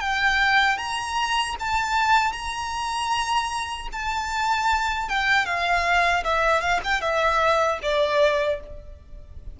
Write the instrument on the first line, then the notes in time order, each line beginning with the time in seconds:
violin
0.00 G5
0.78 A#5
1.59 A5
2.32 A#5
3.92 A5
5.09 G5
5.45 F5
6.24 E5
6.61 F5
6.84 G5
7.01 E5
7.82 D5